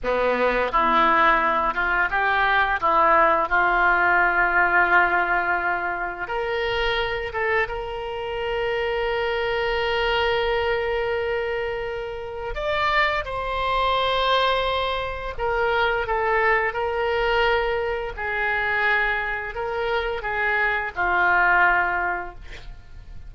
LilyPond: \new Staff \with { instrumentName = "oboe" } { \time 4/4 \tempo 4 = 86 b4 e'4. f'8 g'4 | e'4 f'2.~ | f'4 ais'4. a'8 ais'4~ | ais'1~ |
ais'2 d''4 c''4~ | c''2 ais'4 a'4 | ais'2 gis'2 | ais'4 gis'4 f'2 | }